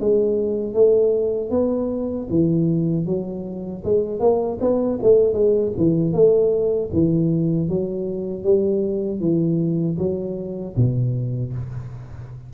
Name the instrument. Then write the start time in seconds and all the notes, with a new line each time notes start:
tuba
0.00 G#3
0.74 A3
1.51 B3
2.30 E3
3.06 F#3
3.85 G#3
4.20 A#3
4.61 B3
5.03 A3
5.34 G#3
5.78 E3
6.13 A3
6.93 E3
7.69 F#3
8.44 G3
9.20 E3
9.98 F#3
10.76 B2